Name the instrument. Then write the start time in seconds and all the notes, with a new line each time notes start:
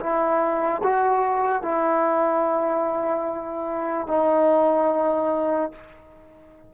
trombone
0.00 E4
0.84 F#4
1.63 E4
4.08 D#4